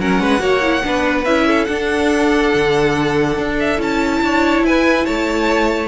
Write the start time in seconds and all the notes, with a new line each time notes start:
0.00 F#3 C#4 A#4 F#5
0.21 G#3 B4
0.40 A#3 F#4 C#5
0.62 E4
0.83 B3 D4 B4
1.25 C#4 E4 E5
1.48 A4
1.65 D4 F#5
2.54 D3
3.39 D4
3.60 E5
3.77 C#4 E4 A5
4.22 D4 C#5
4.63 E4 B4 G#5
5.06 A3 C#5 A5